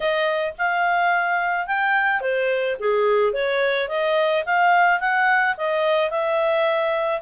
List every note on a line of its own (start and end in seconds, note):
0.00 0.53 D#5
0.58 1.66 F5
1.66 2.20 G5
2.20 2.76 C5
2.79 3.33 G#4
3.33 3.88 C#5
3.88 4.44 D#5
4.45 5.00 F5
5.00 5.55 F#5
5.57 6.10 D#5
6.10 7.21 E5